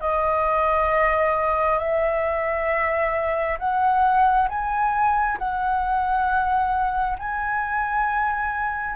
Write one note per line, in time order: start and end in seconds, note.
0.00 1.79 D#5
1.79 3.58 E5
3.59 4.48 F#5
4.49 5.38 G#5
5.38 7.17 F#5
7.18 8.96 G#5